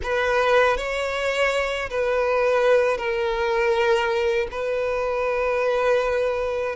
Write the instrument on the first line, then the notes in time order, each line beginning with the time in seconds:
violin
0.02 B4
0.77 C#5
1.90 B4
2.97 A#4
4.51 B4